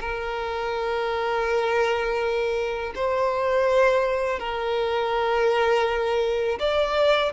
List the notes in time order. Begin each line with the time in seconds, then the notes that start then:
0.00 A#4
2.95 C5
4.39 A#4
6.59 D5